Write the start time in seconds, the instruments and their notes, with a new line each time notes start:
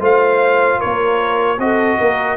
0.00 tuba A3, trombone F4, horn C5, trumpet F5
0.79 horn A#4, trumpet C#5
0.85 tuba A#3
1.59 tuba C4, trombone F#4, horn A4, trumpet D#5
1.99 tuba A#3, horn A#4